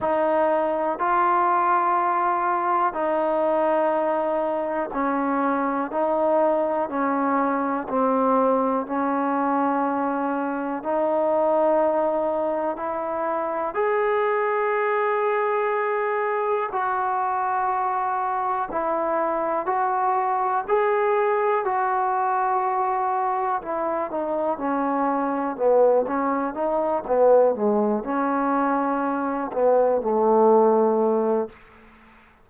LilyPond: \new Staff \with { instrumentName = "trombone" } { \time 4/4 \tempo 4 = 61 dis'4 f'2 dis'4~ | dis'4 cis'4 dis'4 cis'4 | c'4 cis'2 dis'4~ | dis'4 e'4 gis'2~ |
gis'4 fis'2 e'4 | fis'4 gis'4 fis'2 | e'8 dis'8 cis'4 b8 cis'8 dis'8 b8 | gis8 cis'4. b8 a4. | }